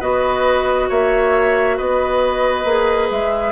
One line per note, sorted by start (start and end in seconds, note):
0.00 0.89 B3
0.00 2.66 F#4
0.00 0.88 B4
0.00 0.89 D#5
0.89 1.79 A#3
0.89 1.77 C#5
0.89 1.78 E5
1.77 2.65 B3
1.77 3.53 B4
1.77 3.10 D#5
2.65 3.09 A#3
2.65 3.53 G#4
3.11 3.53 G#3
3.11 3.53 E5